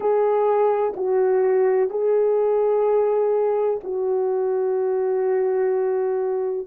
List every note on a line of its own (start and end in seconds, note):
0.00 0.94 G#4
0.96 1.90 F#4
1.90 3.80 G#4
3.83 6.67 F#4